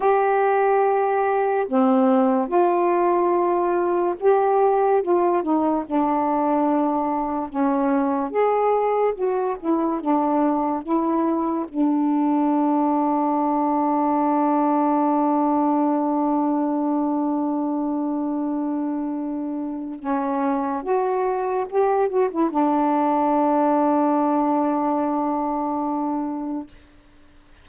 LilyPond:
\new Staff \with { instrumentName = "saxophone" } { \time 4/4 \tempo 4 = 72 g'2 c'4 f'4~ | f'4 g'4 f'8 dis'8 d'4~ | d'4 cis'4 gis'4 fis'8 e'8 | d'4 e'4 d'2~ |
d'1~ | d'1 | cis'4 fis'4 g'8 fis'16 e'16 d'4~ | d'1 | }